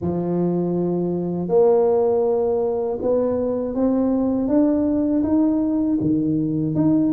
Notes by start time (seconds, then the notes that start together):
0.01 F3
1.48 A#3
3.01 B3
3.74 C4
4.48 D4
5.23 D#4
6.00 D#3
6.75 D#4